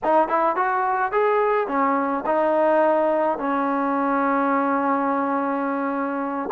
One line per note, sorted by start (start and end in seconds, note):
0.03 0.28 D#4
0.28 0.56 E4
0.56 1.12 F#4
1.12 1.67 G#4
1.67 2.24 C#4
2.26 3.38 D#4
3.38 6.49 C#4